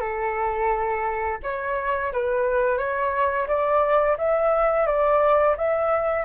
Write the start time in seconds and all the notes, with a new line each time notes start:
0.00 A4
1.43 C#5
2.13 B4
2.78 C#5
3.48 D5
4.18 E5
4.87 D5
5.57 E5